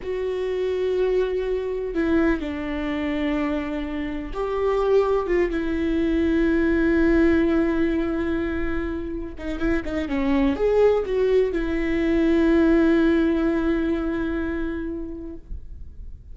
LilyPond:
\new Staff \with { instrumentName = "viola" } { \time 4/4 \tempo 4 = 125 fis'1 | e'4 d'2.~ | d'4 g'2 f'8 e'8~ | e'1~ |
e'2.~ e'8 dis'8 | e'8 dis'8 cis'4 gis'4 fis'4 | e'1~ | e'1 | }